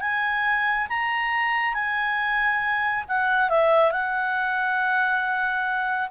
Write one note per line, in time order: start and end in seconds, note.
0.00 0.87 G#5
0.89 1.74 A#5
1.74 3.04 G#5
3.08 3.49 F#5
3.49 3.91 E5
3.91 6.08 F#5